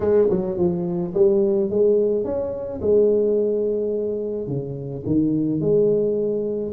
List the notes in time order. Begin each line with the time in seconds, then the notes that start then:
0.00 G#3
0.30 F#3
0.57 F3
1.14 G3
1.70 G#3
2.24 C#4
2.81 G#3
4.47 C#3
5.06 D#3
5.60 G#3